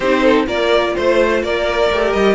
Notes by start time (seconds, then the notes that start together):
0.00 C4 D#4 G4 C5
0.22 A4
0.46 A#3 F4 A#4 D5
0.95 A3 C5
1.43 A#3 A#4 D5
1.91 A3 G4
2.12 G3 D#5